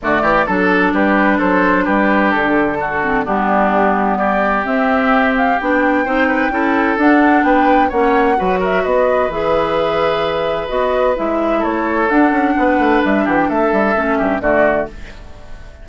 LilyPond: <<
  \new Staff \with { instrumentName = "flute" } { \time 4/4 \tempo 4 = 129 d''4 a'4 b'4 c''4 | b'4 a'2 g'4~ | g'4 d''4 e''4. f''8 | g''2. fis''4 |
g''4 fis''4. e''8 dis''4 | e''2. dis''4 | e''4 cis''4 fis''2 | e''8 fis''16 g''16 e''2 d''4 | }
  \new Staff \with { instrumentName = "oboe" } { \time 4/4 fis'8 g'8 a'4 g'4 a'4 | g'2 fis'4 d'4~ | d'4 g'2.~ | g'4 c''8 b'8 a'2 |
b'4 cis''4 b'8 ais'8 b'4~ | b'1~ | b'4 a'2 b'4~ | b'8 g'8 a'4. g'8 fis'4 | }
  \new Staff \with { instrumentName = "clarinet" } { \time 4/4 a4 d'2.~ | d'2~ d'8 c'8 b4~ | b2 c'2 | d'4 dis'4 e'4 d'4~ |
d'4 cis'4 fis'2 | gis'2. fis'4 | e'2 d'2~ | d'2 cis'4 a4 | }
  \new Staff \with { instrumentName = "bassoon" } { \time 4/4 d8 e8 fis4 g4 fis4 | g4 d2 g4~ | g2 c'2 | b4 c'4 cis'4 d'4 |
b4 ais4 fis4 b4 | e2. b4 | gis4 a4 d'8 cis'8 b8 a8 | g8 e8 a8 g8 a8 g,8 d4 | }
>>